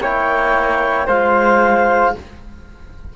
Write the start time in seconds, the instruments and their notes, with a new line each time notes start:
0.00 cello A#3, trombone E4, flute C#5, clarinet G5
1.06 cello G#3, trombone F4, flute C5, clarinet F5